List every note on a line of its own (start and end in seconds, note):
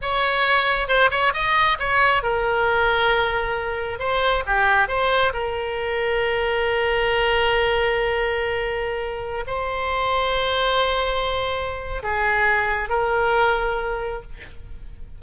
0.01 0.87 C#5
0.87 1.10 C5
1.10 1.33 C#5
1.33 1.78 D#5
1.79 2.23 C#5
2.23 3.99 A#4
3.99 4.43 C5
4.46 4.88 G4
4.88 5.32 C5
5.33 9.44 A#4
9.46 12.02 C5
12.02 12.89 G#4
12.89 14.22 A#4